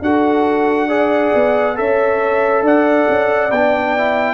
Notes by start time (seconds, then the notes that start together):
0.00 D4 F#4 A4 F#5
0.88 G#4 D5
1.34 B3
1.75 C#4 A4 C#5 E5
2.62 D4 D5 F#5
3.08 C#4
3.51 B3 D4 G5
3.97 E4